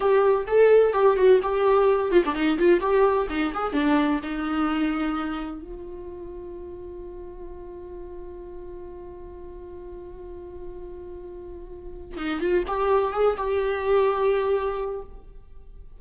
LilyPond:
\new Staff \with { instrumentName = "viola" } { \time 4/4 \tempo 4 = 128 g'4 a'4 g'8 fis'8 g'4~ | g'8 f'16 d'16 dis'8 f'8 g'4 dis'8 gis'8 | d'4 dis'2. | f'1~ |
f'1~ | f'1~ | f'2 dis'8 f'8 g'4 | gis'8 g'2.~ g'8 | }